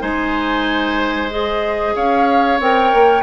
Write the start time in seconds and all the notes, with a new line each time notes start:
0.00 G#3 D#4 C5 G#5
1.30 G#4 D#5
1.95 C#4 C#5 F5
2.60 C4 A#4 G5
2.94 A#3